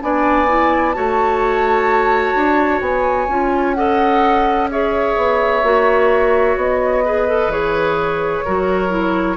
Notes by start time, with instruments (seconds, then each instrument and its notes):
0.00 bassoon B3, clarinet D4, oboe D5, flute G#5
0.47 clarinet E4
0.92 bassoon A3, clarinet F#4, oboe C#5, flute A5
2.35 bassoon D4
2.80 bassoon B3, flute G#5
3.28 bassoon C#4, clarinet F4
3.74 clarinet A4, oboe D#5, flute F#5
4.70 clarinet G#4, oboe C#5, flute E5
5.16 bassoon B3
5.62 bassoon A#3, clarinet F#4
6.56 bassoon B3, flute D#5
7.04 clarinet G#4, oboe B4
7.28 clarinet A4
7.47 bassoon E3, clarinet G#4, flute C#5
8.44 bassoon F#3, clarinet F#4, oboe A#4
8.89 clarinet E4